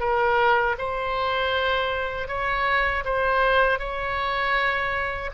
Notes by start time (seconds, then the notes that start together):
0.00 A#4
0.78 C5
2.28 C#5
3.05 C5
3.79 C#5